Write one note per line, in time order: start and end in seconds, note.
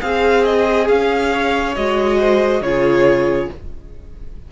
0.00 0.89 C4
0.00 1.74 G#4
0.00 1.33 G#4
0.00 0.44 F5
0.44 0.88 D#5
0.88 1.76 C#4
0.88 1.75 F5
1.33 2.19 C#5
1.76 2.61 G#3
1.76 2.63 F#4
1.76 2.62 D#5
2.19 2.62 C5
2.61 3.48 C#3
2.61 3.51 F4
2.61 3.52 G#4
2.61 3.49 C#5